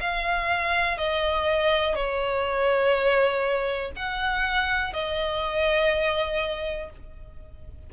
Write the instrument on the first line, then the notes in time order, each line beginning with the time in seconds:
violin
0.00 F5
0.97 D#5
1.95 C#5
3.96 F#5
4.93 D#5